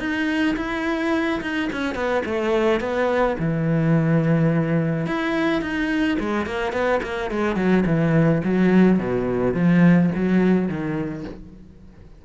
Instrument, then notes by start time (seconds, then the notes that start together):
cello
0.00 D#4
0.57 E4
1.41 D#4
1.73 C#4
1.95 B3
2.26 A3
2.81 B3
3.39 E3
5.07 E4
5.62 D#4
6.20 G#3
6.46 A#3
6.72 B3
7.03 A#3
7.31 G#3
7.56 F#3
7.86 E3
8.44 F#3
8.99 B2
9.54 F3
10.15 F#3
10.69 D#3